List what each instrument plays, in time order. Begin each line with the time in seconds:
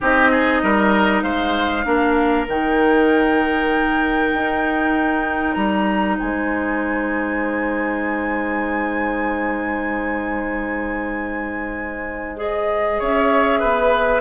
0.00 bassoon C4, clarinet D#4, oboe G4, flute D#5
0.31 oboe G#4
0.62 bassoon G3, oboe A#4
1.22 bassoon G#3, oboe C5, flute F5
1.84 bassoon A#3, clarinet D4, oboe A#4
2.48 bassoon D#3, clarinet D#4, flute G5
4.33 bassoon D#4
5.54 bassoon G3, flute A#5
6.17 bassoon G#3, oboe C5, flute G#5
12.36 clarinet G#4, flute D#5
12.98 bassoon C#4, oboe C#5, flute E5
13.59 bassoon B3, oboe B4